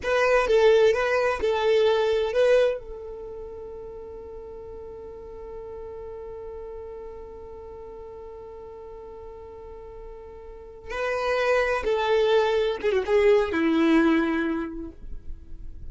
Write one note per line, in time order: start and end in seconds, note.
0.03 0.47 B4
0.47 0.93 A4
0.93 1.40 B4
1.41 2.32 A4
2.32 2.78 B4
2.78 10.90 A4
10.90 11.83 B4
11.84 12.77 A4
12.81 12.92 G#4
12.92 13.03 F#4
13.06 13.51 G#4
13.51 14.91 E4